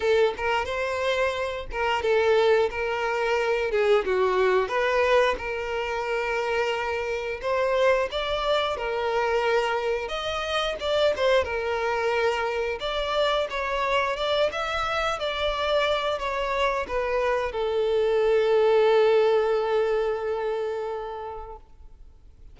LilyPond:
\new Staff \with { instrumentName = "violin" } { \time 4/4 \tempo 4 = 89 a'8 ais'8 c''4. ais'8 a'4 | ais'4. gis'8 fis'4 b'4 | ais'2. c''4 | d''4 ais'2 dis''4 |
d''8 c''8 ais'2 d''4 | cis''4 d''8 e''4 d''4. | cis''4 b'4 a'2~ | a'1 | }